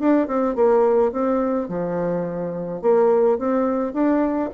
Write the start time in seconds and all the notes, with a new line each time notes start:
0.00 D4
0.28 C4
0.56 A#3
1.12 C4
1.69 F3
2.82 A#3
3.39 C4
3.93 D4